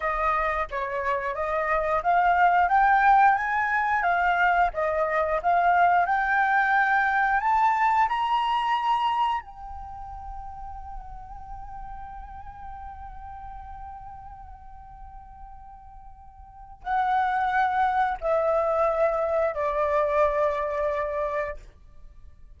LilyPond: \new Staff \with { instrumentName = "flute" } { \time 4/4 \tempo 4 = 89 dis''4 cis''4 dis''4 f''4 | g''4 gis''4 f''4 dis''4 | f''4 g''2 a''4 | ais''2 g''2~ |
g''1~ | g''1~ | g''4 fis''2 e''4~ | e''4 d''2. | }